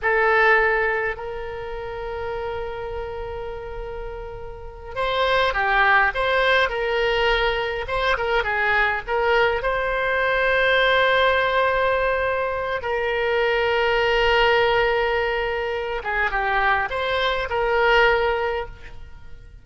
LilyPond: \new Staff \with { instrumentName = "oboe" } { \time 4/4 \tempo 4 = 103 a'2 ais'2~ | ais'1~ | ais'8 c''4 g'4 c''4 ais'8~ | ais'4. c''8 ais'8 gis'4 ais'8~ |
ais'8 c''2.~ c''8~ | c''2 ais'2~ | ais'2.~ ais'8 gis'8 | g'4 c''4 ais'2 | }